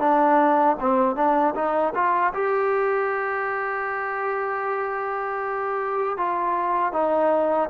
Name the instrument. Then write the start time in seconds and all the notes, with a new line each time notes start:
trombone
0.00 D4
0.80 C4
1.16 D4
1.55 D#4
1.95 F4
2.34 G4
6.17 F4
6.93 D#4